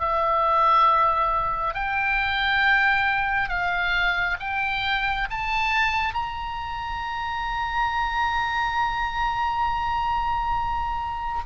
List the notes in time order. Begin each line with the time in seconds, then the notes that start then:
0.00 E5
1.75 G5
3.49 F5
4.40 G5
5.31 A5
6.14 A#5